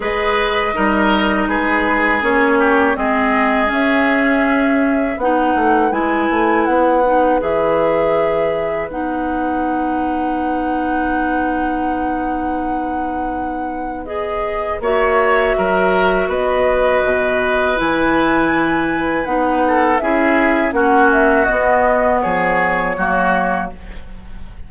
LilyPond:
<<
  \new Staff \with { instrumentName = "flute" } { \time 4/4 \tempo 4 = 81 dis''2 b'4 cis''4 | dis''4 e''2 fis''4 | gis''4 fis''4 e''2 | fis''1~ |
fis''2. dis''4 | e''2 dis''2 | gis''2 fis''4 e''4 | fis''8 e''8 dis''4 cis''2 | }
  \new Staff \with { instrumentName = "oboe" } { \time 4/4 b'4 ais'4 gis'4. g'8 | gis'2. b'4~ | b'1~ | b'1~ |
b'1 | cis''4 ais'4 b'2~ | b'2~ b'8 a'8 gis'4 | fis'2 gis'4 fis'4 | }
  \new Staff \with { instrumentName = "clarinet" } { \time 4/4 gis'4 dis'2 cis'4 | c'4 cis'2 dis'4 | e'4. dis'8 gis'2 | dis'1~ |
dis'2. gis'4 | fis'1 | e'2 dis'4 e'4 | cis'4 b2 ais4 | }
  \new Staff \with { instrumentName = "bassoon" } { \time 4/4 gis4 g4 gis4 ais4 | gis4 cis'2 b8 a8 | gis8 a8 b4 e2 | b1~ |
b1 | ais4 fis4 b4 b,4 | e2 b4 cis'4 | ais4 b4 f4 fis4 | }
>>